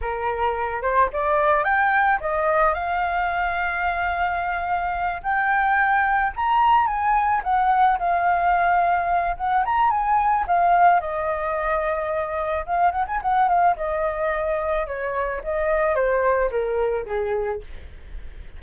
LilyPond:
\new Staff \with { instrumentName = "flute" } { \time 4/4 \tempo 4 = 109 ais'4. c''8 d''4 g''4 | dis''4 f''2.~ | f''4. g''2 ais''8~ | ais''8 gis''4 fis''4 f''4.~ |
f''4 fis''8 ais''8 gis''4 f''4 | dis''2. f''8 fis''16 gis''16 | fis''8 f''8 dis''2 cis''4 | dis''4 c''4 ais'4 gis'4 | }